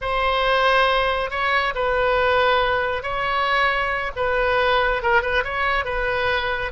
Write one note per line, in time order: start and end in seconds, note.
0.01 1.30 C5
1.30 1.73 C#5
1.75 3.02 B4
3.02 4.11 C#5
4.16 5.02 B4
5.02 5.22 A#4
5.22 5.43 B4
5.44 5.84 C#5
5.84 6.71 B4